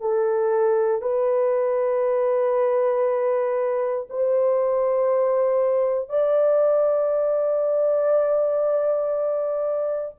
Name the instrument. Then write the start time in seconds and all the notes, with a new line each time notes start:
horn
0.00 A4
1.01 B4
4.09 C5
6.09 D5